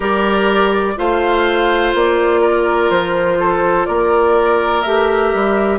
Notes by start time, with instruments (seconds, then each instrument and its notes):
0.00 bassoon G3, clarinet G4, oboe A#4, flute D5
0.96 bassoon A3, clarinet F4, oboe C5, flute F5
1.94 bassoon A#3, flute D5
2.41 oboe A#4
2.90 bassoon F3, flute C5
3.39 oboe A4
3.85 bassoon A#3, oboe A#4, flute D5
4.81 bassoon A3, clarinet G4, flute E5
5.34 bassoon G3